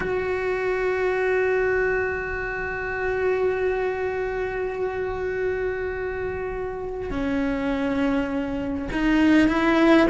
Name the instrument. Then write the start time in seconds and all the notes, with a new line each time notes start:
cello
0.00 F#4
7.10 C#4
8.91 D#4
9.48 E4